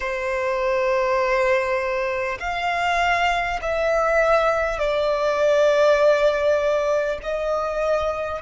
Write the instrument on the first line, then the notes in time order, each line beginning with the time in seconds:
violin
0.00 C5
2.39 F5
3.61 E5
4.78 D5
7.23 D#5